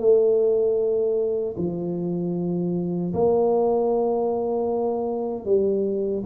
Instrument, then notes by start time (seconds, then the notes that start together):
tuba
0.00 A3
1.58 F3
3.14 A#3
5.46 G3